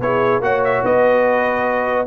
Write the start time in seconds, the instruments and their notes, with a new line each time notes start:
0.00 tuba B3, trombone E4, horn G#4, trumpet C#5
0.40 tuba A#3, trombone F#4, horn C#5, trumpet F#5
0.64 trumpet E5
0.84 tuba B3, horn B4, trumpet D#5